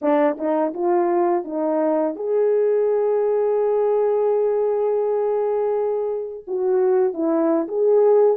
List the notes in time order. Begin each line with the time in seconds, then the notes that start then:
0.01 D4
0.37 D#4
0.73 F4
1.44 D#4
2.15 G#4
6.47 F#4
7.13 E4
7.68 G#4